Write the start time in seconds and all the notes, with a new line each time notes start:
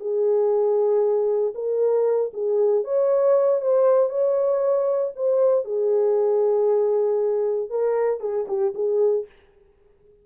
0.00 G#4
1.55 A#4
2.33 G#4
2.84 C#5
3.61 C5
4.09 C#5
5.16 C5
5.65 G#4
7.70 A#4
8.20 G#4
8.48 G4
8.75 G#4